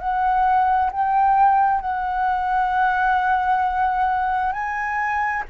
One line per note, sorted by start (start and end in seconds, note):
0.00 0.91 F#5
0.92 1.81 G5
1.81 4.53 F#5
4.53 5.44 G#5